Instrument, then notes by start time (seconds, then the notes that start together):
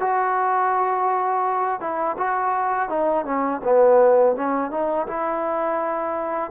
trombone
0.00 F#4
1.80 E4
2.17 F#4
2.89 D#4
3.25 C#4
3.63 B3
4.36 C#4
4.71 D#4
5.07 E4